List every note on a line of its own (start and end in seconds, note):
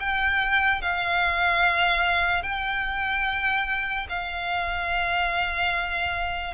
0.00 0.81 G5
0.81 2.43 F5
2.43 4.07 G5
4.09 6.54 F5